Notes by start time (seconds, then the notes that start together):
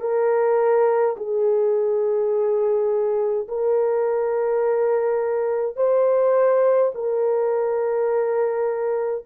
0.00 A#4
1.16 G#4
3.48 A#4
5.76 C5
6.94 A#4